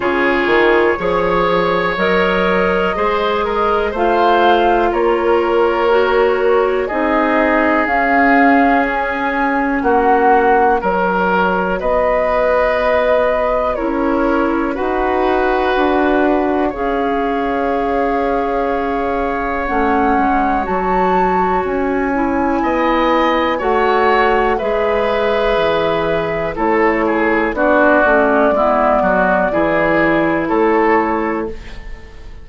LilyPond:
<<
  \new Staff \with { instrumentName = "flute" } { \time 4/4 \tempo 4 = 61 cis''2 dis''2 | f''4 cis''2 dis''4 | f''4 gis''4 fis''4 cis''4 | dis''2 cis''4 fis''4~ |
fis''4 f''2. | fis''4 a''4 gis''2 | fis''4 e''2 cis''4 | d''2. cis''4 | }
  \new Staff \with { instrumentName = "oboe" } { \time 4/4 gis'4 cis''2 c''8 ais'8 | c''4 ais'2 gis'4~ | gis'2 fis'4 ais'4 | b'2 ais'4 b'4~ |
b'4 cis''2.~ | cis''2. dis''4 | cis''4 b'2 a'8 gis'8 | fis'4 e'8 fis'8 gis'4 a'4 | }
  \new Staff \with { instrumentName = "clarinet" } { \time 4/4 f'4 gis'4 ais'4 gis'4 | f'2 fis'4 dis'4 | cis'2. fis'4~ | fis'2 e'4 fis'4~ |
fis'4 gis'2. | cis'4 fis'4. e'4. | fis'4 gis'2 e'4 | d'8 cis'8 b4 e'2 | }
  \new Staff \with { instrumentName = "bassoon" } { \time 4/4 cis8 dis8 f4 fis4 gis4 | a4 ais2 c'4 | cis'2 ais4 fis4 | b2 cis'4 dis'4 |
d'4 cis'2. | a8 gis8 fis4 cis'4 b4 | a4 gis4 e4 a4 | b8 a8 gis8 fis8 e4 a4 | }
>>